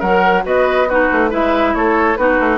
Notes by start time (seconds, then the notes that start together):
0.00 F#3 A#4 F#5
0.43 B3 F#4 B4 D#5
0.89 D#4 F#4 B4
1.12 A3
1.30 G#3 E4 B4 E5
1.75 A3 A4 C#5
2.17 B3 D#4 F#4 B4
2.40 A3